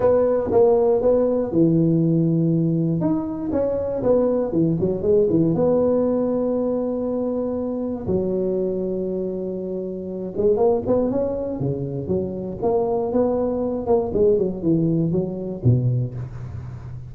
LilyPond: \new Staff \with { instrumentName = "tuba" } { \time 4/4 \tempo 4 = 119 b4 ais4 b4 e4~ | e2 dis'4 cis'4 | b4 e8 fis8 gis8 e8 b4~ | b1 |
fis1~ | fis8 gis8 ais8 b8 cis'4 cis4 | fis4 ais4 b4. ais8 | gis8 fis8 e4 fis4 b,4 | }